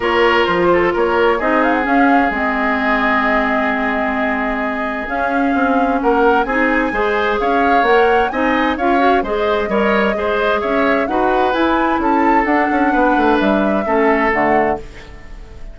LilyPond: <<
  \new Staff \with { instrumentName = "flute" } { \time 4/4 \tempo 4 = 130 cis''4 c''4 cis''4 dis''8 f''16 fis''16 | f''4 dis''2.~ | dis''2. f''4~ | f''4 fis''4 gis''2 |
f''4 fis''4 gis''4 f''4 | dis''2. e''4 | fis''4 gis''4 a''4 fis''4~ | fis''4 e''2 fis''4 | }
  \new Staff \with { instrumentName = "oboe" } { \time 4/4 ais'4. a'8 ais'4 gis'4~ | gis'1~ | gis'1~ | gis'4 ais'4 gis'4 c''4 |
cis''2 dis''4 cis''4 | c''4 cis''4 c''4 cis''4 | b'2 a'2 | b'2 a'2 | }
  \new Staff \with { instrumentName = "clarinet" } { \time 4/4 f'2. dis'4 | cis'4 c'2.~ | c'2. cis'4~ | cis'2 dis'4 gis'4~ |
gis'4 ais'4 dis'4 f'8 fis'8 | gis'4 ais'4 gis'2 | fis'4 e'2 d'4~ | d'2 cis'4 a4 | }
  \new Staff \with { instrumentName = "bassoon" } { \time 4/4 ais4 f4 ais4 c'4 | cis'4 gis2.~ | gis2. cis'4 | c'4 ais4 c'4 gis4 |
cis'4 ais4 c'4 cis'4 | gis4 g4 gis4 cis'4 | dis'4 e'4 cis'4 d'8 cis'8 | b8 a8 g4 a4 d4 | }
>>